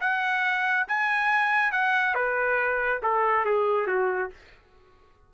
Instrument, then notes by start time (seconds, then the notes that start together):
trumpet
0.00 F#5
0.88 G#5
1.71 F#5
2.14 B4
3.02 A4
3.45 G#4
3.87 F#4